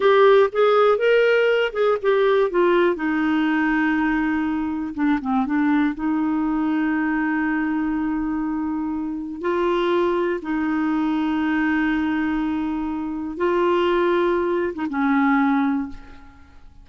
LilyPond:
\new Staff \with { instrumentName = "clarinet" } { \time 4/4 \tempo 4 = 121 g'4 gis'4 ais'4. gis'8 | g'4 f'4 dis'2~ | dis'2 d'8 c'8 d'4 | dis'1~ |
dis'2. f'4~ | f'4 dis'2.~ | dis'2. f'4~ | f'4.~ f'16 dis'16 cis'2 | }